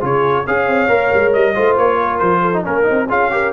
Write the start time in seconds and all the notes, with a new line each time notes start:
0.00 C#3 F4 G#4 C#5
0.47 C#4 G#4 C#5 F5
0.67 C4
0.88 A#3 A#4
1.14 G#3
1.33 G3 D#5
1.54 A3 F4 C5
1.77 A#3 C#5
2.02 A#4
2.18 F3 C5
2.41 A4
2.53 D#4
2.64 A#3 C#4 A#4
2.83 D#4
2.90 C4
3.07 C#4 F4 G#4 F5
3.31 G4 A#4